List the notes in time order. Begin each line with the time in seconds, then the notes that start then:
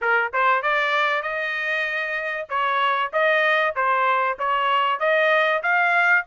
0.01 A#4
0.33 C5
0.62 D5
1.22 D#5
2.49 C#5
3.12 D#5
3.75 C5
4.38 C#5
4.99 D#5
5.62 F5